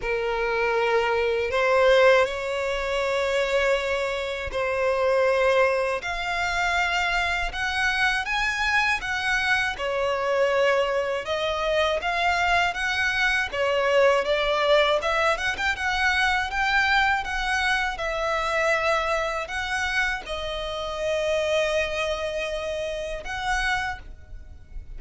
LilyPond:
\new Staff \with { instrumentName = "violin" } { \time 4/4 \tempo 4 = 80 ais'2 c''4 cis''4~ | cis''2 c''2 | f''2 fis''4 gis''4 | fis''4 cis''2 dis''4 |
f''4 fis''4 cis''4 d''4 | e''8 fis''16 g''16 fis''4 g''4 fis''4 | e''2 fis''4 dis''4~ | dis''2. fis''4 | }